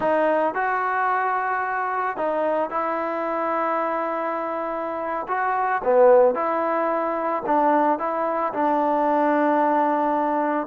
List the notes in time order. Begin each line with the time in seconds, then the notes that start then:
0.00 D#4
0.54 F#4
2.16 D#4
2.70 E4
5.28 F#4
5.84 B3
6.34 E4
7.46 D4
7.98 E4
8.53 D4